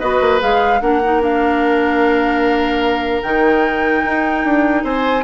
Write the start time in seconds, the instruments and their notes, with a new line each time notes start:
0.00 bassoon B3, clarinet F#4, oboe B4, flute D#5
0.21 bassoon A#3
0.40 bassoon G#3, clarinet G#4, flute F5
0.81 bassoon A#3, clarinet D4, oboe A#4, flute F#5
1.04 clarinet D#4
1.21 clarinet D4, flute F5
3.23 bassoon D#3, clarinet D#4, flute G5
4.06 bassoon D#4
4.45 bassoon D4
4.84 bassoon C4, oboe C5, flute G#5